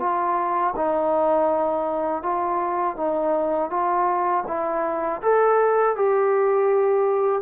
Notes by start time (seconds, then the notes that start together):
0.00 F4
0.76 D#4
2.23 F4
2.97 D#4
3.70 F4
4.47 E4
5.22 A4
5.96 G4